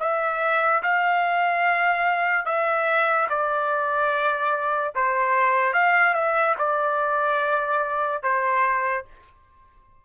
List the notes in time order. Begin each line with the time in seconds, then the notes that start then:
0.00 E5
0.83 F5
2.45 E5
3.29 D5
4.95 C5
5.73 F5
6.14 E5
6.58 D5
8.23 C5